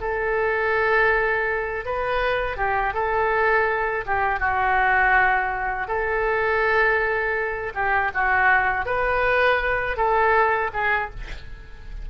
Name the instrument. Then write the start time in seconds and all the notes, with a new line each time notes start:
oboe
0.00 A4
1.85 B4
2.57 G4
2.93 A4
4.05 G4
4.39 F#4
5.87 A4
7.74 G4
8.14 F#4
8.85 B4
9.97 A4
10.73 G#4